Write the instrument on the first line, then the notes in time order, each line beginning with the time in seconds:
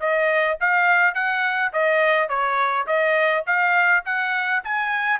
trumpet
0.00 D#5
0.60 F5
1.14 F#5
1.73 D#5
2.29 C#5
2.87 D#5
3.46 F5
4.05 F#5
4.64 G#5